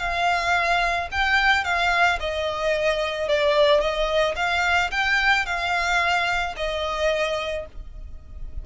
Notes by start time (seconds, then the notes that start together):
0.00 F5
1.12 G5
1.65 F5
2.20 D#5
3.29 D5
3.81 D#5
4.36 F5
4.92 G5
5.46 F5
6.57 D#5